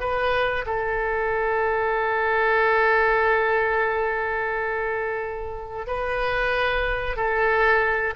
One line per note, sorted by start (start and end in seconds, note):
0.00 0.65 B4
0.66 5.86 A4
5.86 7.16 B4
7.16 8.14 A4